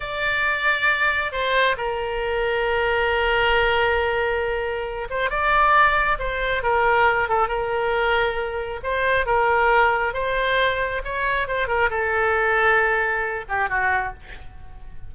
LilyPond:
\new Staff \with { instrumentName = "oboe" } { \time 4/4 \tempo 4 = 136 d''2. c''4 | ais'1~ | ais'2.~ ais'8 c''8 | d''2 c''4 ais'4~ |
ais'8 a'8 ais'2. | c''4 ais'2 c''4~ | c''4 cis''4 c''8 ais'8 a'4~ | a'2~ a'8 g'8 fis'4 | }